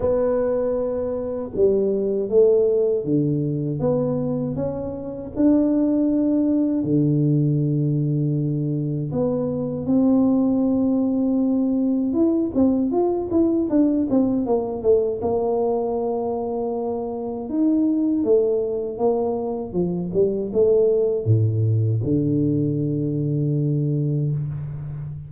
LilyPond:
\new Staff \with { instrumentName = "tuba" } { \time 4/4 \tempo 4 = 79 b2 g4 a4 | d4 b4 cis'4 d'4~ | d'4 d2. | b4 c'2. |
e'8 c'8 f'8 e'8 d'8 c'8 ais8 a8 | ais2. dis'4 | a4 ais4 f8 g8 a4 | a,4 d2. | }